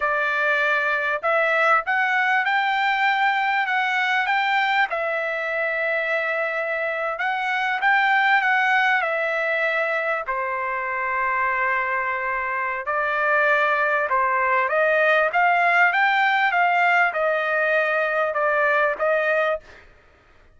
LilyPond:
\new Staff \with { instrumentName = "trumpet" } { \time 4/4 \tempo 4 = 98 d''2 e''4 fis''4 | g''2 fis''4 g''4 | e''2.~ e''8. fis''16~ | fis''8. g''4 fis''4 e''4~ e''16~ |
e''8. c''2.~ c''16~ | c''4 d''2 c''4 | dis''4 f''4 g''4 f''4 | dis''2 d''4 dis''4 | }